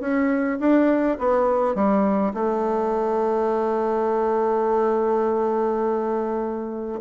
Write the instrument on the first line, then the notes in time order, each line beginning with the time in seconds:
bassoon
0.00 C#4
0.60 D4
1.18 B3
1.74 G3
2.34 A3